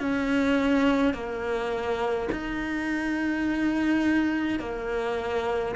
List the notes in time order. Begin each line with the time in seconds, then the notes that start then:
0.00 C#4
1.14 A#3
2.32 D#4
4.60 A#3